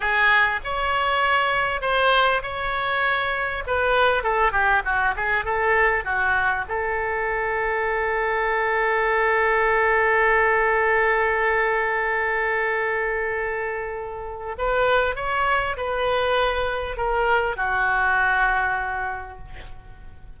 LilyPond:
\new Staff \with { instrumentName = "oboe" } { \time 4/4 \tempo 4 = 99 gis'4 cis''2 c''4 | cis''2 b'4 a'8 g'8 | fis'8 gis'8 a'4 fis'4 a'4~ | a'1~ |
a'1~ | a'1 | b'4 cis''4 b'2 | ais'4 fis'2. | }